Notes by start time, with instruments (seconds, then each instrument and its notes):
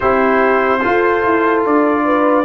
0.00 tuba C4, trombone E4, horn G4, trumpet C5
0.80 trombone F4, tuba F4, horn A4
1.24 tuba E4
1.65 tuba D4, trumpet D5
2.04 horn B4